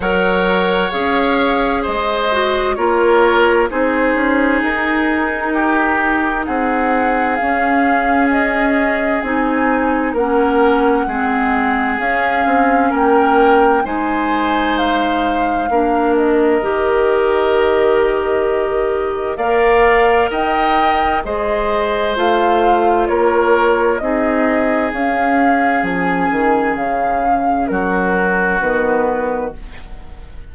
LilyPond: <<
  \new Staff \with { instrumentName = "flute" } { \time 4/4 \tempo 4 = 65 fis''4 f''4 dis''4 cis''4 | c''4 ais'2 fis''4 | f''4 dis''4 gis''4 fis''4~ | fis''4 f''4 g''4 gis''4 |
f''4. dis''2~ dis''8~ | dis''4 f''4 g''4 dis''4 | f''4 cis''4 dis''4 f''4 | gis''4 f''4 ais'4 b'4 | }
  \new Staff \with { instrumentName = "oboe" } { \time 4/4 cis''2 c''4 ais'4 | gis'2 g'4 gis'4~ | gis'2. ais'4 | gis'2 ais'4 c''4~ |
c''4 ais'2.~ | ais'4 d''4 dis''4 c''4~ | c''4 ais'4 gis'2~ | gis'2 fis'2 | }
  \new Staff \with { instrumentName = "clarinet" } { \time 4/4 ais'4 gis'4. fis'8 f'4 | dis'1 | cis'2 dis'4 cis'4 | c'4 cis'2 dis'4~ |
dis'4 d'4 g'2~ | g'4 ais'2 gis'4 | f'2 dis'4 cis'4~ | cis'2. b4 | }
  \new Staff \with { instrumentName = "bassoon" } { \time 4/4 fis4 cis'4 gis4 ais4 | c'8 cis'8 dis'2 c'4 | cis'2 c'4 ais4 | gis4 cis'8 c'8 ais4 gis4~ |
gis4 ais4 dis2~ | dis4 ais4 dis'4 gis4 | a4 ais4 c'4 cis'4 | f8 dis8 cis4 fis4 dis4 | }
>>